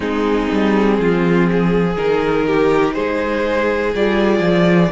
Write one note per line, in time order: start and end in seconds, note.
0.00 0.47 G#3
0.00 1.93 C4
0.00 0.98 D#4
0.00 1.97 G#4
0.51 0.98 G3
0.98 1.96 F3
0.98 1.50 F4
1.52 2.46 G#4
1.97 2.96 D#3
1.97 3.93 D#4
1.97 2.93 A#4
2.46 2.94 G4
2.93 3.94 G#3
2.93 4.91 G#4
2.93 3.92 C5
3.94 4.39 G3
3.94 4.92 F4
3.94 4.92 D5
4.39 4.88 F3